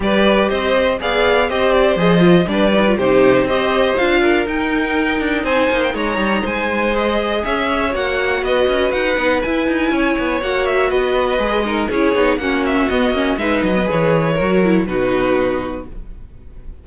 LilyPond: <<
  \new Staff \with { instrumentName = "violin" } { \time 4/4 \tempo 4 = 121 d''4 dis''4 f''4 dis''8 d''8 | dis''4 d''4 c''4 dis''4 | f''4 g''2 gis''8. g''16 | ais''4 gis''4 dis''4 e''4 |
fis''4 dis''4 fis''4 gis''4~ | gis''4 fis''8 e''8 dis''2 | cis''4 fis''8 e''8 dis''4 e''8 dis''8 | cis''2 b'2 | }
  \new Staff \with { instrumentName = "violin" } { \time 4/4 b'4 c''4 d''4 c''4~ | c''4 b'4 g'4 c''4~ | c''8 ais'2~ ais'8 c''4 | cis''4 c''2 cis''4~ |
cis''4 b'2. | cis''2 b'4. ais'8 | gis'4 fis'2 b'4~ | b'4 ais'4 fis'2 | }
  \new Staff \with { instrumentName = "viola" } { \time 4/4 g'2 gis'4 g'4 | gis'8 f'8 d'8 dis'16 f'16 dis'4 g'4 | f'4 dis'2.~ | dis'2 gis'2 |
fis'2~ fis'8 dis'8 e'4~ | e'4 fis'2 gis'8 dis'8 | e'8 dis'8 cis'4 b8 cis'8 dis'8. b16 | gis'4 fis'8 e'8 dis'2 | }
  \new Staff \with { instrumentName = "cello" } { \time 4/4 g4 c'4 b4 c'4 | f4 g4 c4 c'4 | d'4 dis'4. d'8 c'8 ais8 | gis8 g8 gis2 cis'4 |
ais4 b8 cis'8 dis'8 b8 e'8 dis'8 | cis'8 b8 ais4 b4 gis4 | cis'8 b8 ais4 b8 ais8 gis8 fis8 | e4 fis4 b,2 | }
>>